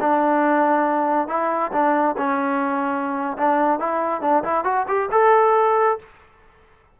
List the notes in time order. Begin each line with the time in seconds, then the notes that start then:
0.00 D4
1.28 E4
1.72 D4
2.17 C#4
3.37 D4
3.79 E4
4.21 D4
4.43 E4
4.64 F#4
4.88 G4
5.11 A4